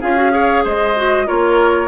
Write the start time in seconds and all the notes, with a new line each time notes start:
0.00 C#4 F4 G#4 F5
0.16 F#4
0.31 G#4 C#5
0.63 G#3 C5 D#5
0.96 F#4
1.26 A#3 F4 A#4 C#5